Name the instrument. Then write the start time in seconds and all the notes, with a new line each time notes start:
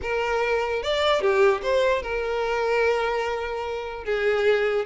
violin
0.02 A#4
0.82 D5
1.21 G4
1.62 C5
2.02 A#4
4.04 G#4